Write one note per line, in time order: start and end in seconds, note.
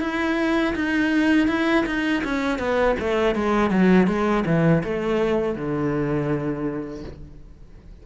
0.00 0.74 E4
0.75 1.47 D#4
1.47 1.84 E4
1.86 2.23 D#4
2.24 2.58 C#4
2.58 2.95 B3
2.99 3.35 A3
3.35 3.70 G#3
3.70 4.07 F#3
4.07 4.44 G#3
4.45 4.82 E3
4.83 5.55 A3
5.55 7.03 D3